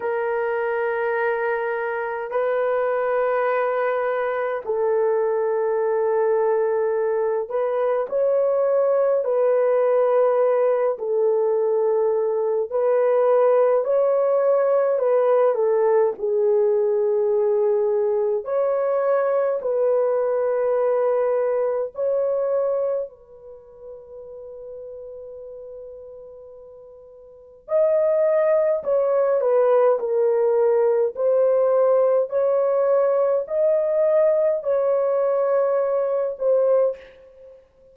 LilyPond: \new Staff \with { instrumentName = "horn" } { \time 4/4 \tempo 4 = 52 ais'2 b'2 | a'2~ a'8 b'8 cis''4 | b'4. a'4. b'4 | cis''4 b'8 a'8 gis'2 |
cis''4 b'2 cis''4 | b'1 | dis''4 cis''8 b'8 ais'4 c''4 | cis''4 dis''4 cis''4. c''8 | }